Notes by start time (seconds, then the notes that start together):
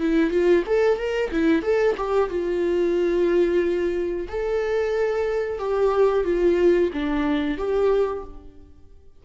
0.00 E4
0.30 F4
0.66 A4
0.98 A#4
1.31 E4
1.62 A4
1.97 G4
2.30 F4
4.29 A4
5.59 G4
6.24 F4
6.93 D4
7.57 G4